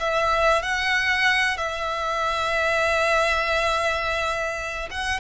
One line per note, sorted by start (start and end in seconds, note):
0.00 0.63 E5
0.63 1.57 F#5
1.58 4.89 E5
4.91 5.20 F#5